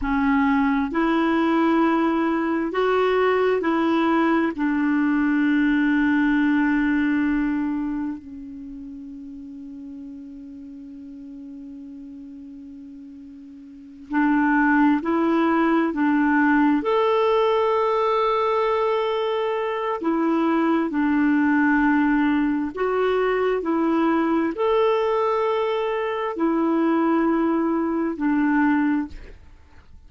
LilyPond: \new Staff \with { instrumentName = "clarinet" } { \time 4/4 \tempo 4 = 66 cis'4 e'2 fis'4 | e'4 d'2.~ | d'4 cis'2.~ | cis'2.~ cis'8 d'8~ |
d'8 e'4 d'4 a'4.~ | a'2 e'4 d'4~ | d'4 fis'4 e'4 a'4~ | a'4 e'2 d'4 | }